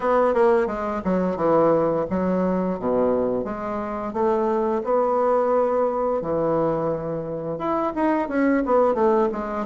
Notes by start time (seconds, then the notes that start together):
0.00 B3
0.34 A#3
0.66 G#3
1.04 F#3
1.36 E3
2.10 F#3
2.79 B2
3.44 G#3
4.13 A3
4.84 B3
6.21 E3
7.58 E4
7.95 D#4
8.28 C#4
8.65 B3
8.94 A3
9.32 G#3